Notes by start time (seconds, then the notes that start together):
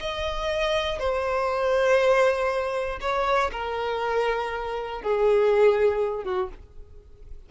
0.00 D#5
0.99 C5
3.00 C#5
3.52 A#4
5.02 G#4
6.24 F#4